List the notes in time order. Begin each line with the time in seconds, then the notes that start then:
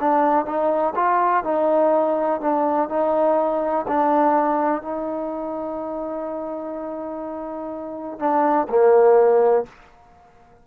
0.00 D4
0.46 D#4
0.95 F4
1.44 D#4
2.41 D4
2.89 D#4
3.88 D4
4.82 D#4
8.19 D4
8.69 A#3